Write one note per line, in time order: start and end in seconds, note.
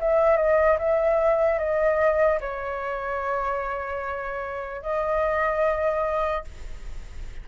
0.00 0.37 E5
0.37 0.78 D#5
0.79 1.59 E5
1.59 2.40 D#5
2.41 4.82 C#5
4.82 6.45 D#5